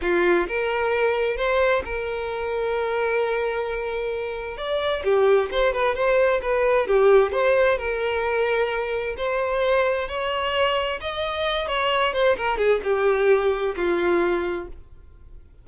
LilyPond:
\new Staff \with { instrumentName = "violin" } { \time 4/4 \tempo 4 = 131 f'4 ais'2 c''4 | ais'1~ | ais'2 d''4 g'4 | c''8 b'8 c''4 b'4 g'4 |
c''4 ais'2. | c''2 cis''2 | dis''4. cis''4 c''8 ais'8 gis'8 | g'2 f'2 | }